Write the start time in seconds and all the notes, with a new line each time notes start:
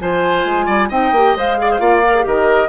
0.00 F3 F4 C5 G#5
0.45 G#3
0.66 G3 D5
0.89 C4 D#4 D#5 G5
1.12 A#3 G4
1.37 G#3 C5 F5
1.59 G#4 D5
1.72 C5
1.79 A#3 F4 D5
2.06 A#4
2.16 G#4
2.22 D#3 G4 A#4 D#5